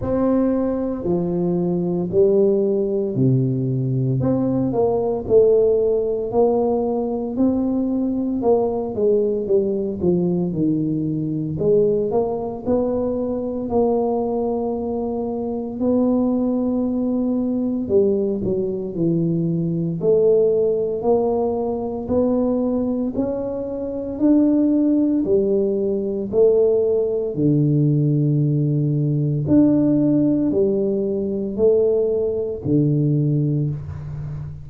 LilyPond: \new Staff \with { instrumentName = "tuba" } { \time 4/4 \tempo 4 = 57 c'4 f4 g4 c4 | c'8 ais8 a4 ais4 c'4 | ais8 gis8 g8 f8 dis4 gis8 ais8 | b4 ais2 b4~ |
b4 g8 fis8 e4 a4 | ais4 b4 cis'4 d'4 | g4 a4 d2 | d'4 g4 a4 d4 | }